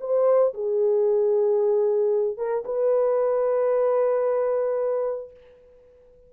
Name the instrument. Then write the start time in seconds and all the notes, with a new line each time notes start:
horn
0.00 C5
0.54 G#4
2.37 A#4
2.65 B4